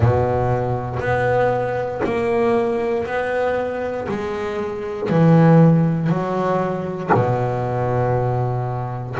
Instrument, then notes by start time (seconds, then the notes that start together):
double bass
0.00 B2
0.99 B3
2.04 A#3
3.06 B3
4.08 G#3
5.09 E3
6.09 F#3
7.14 B2